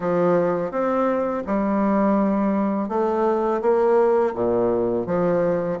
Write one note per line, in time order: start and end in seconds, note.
0.00 0.71 F3
0.71 1.43 C4
1.46 2.88 G3
2.88 3.61 A3
3.61 4.33 A#3
4.34 5.06 A#2
5.06 5.78 F3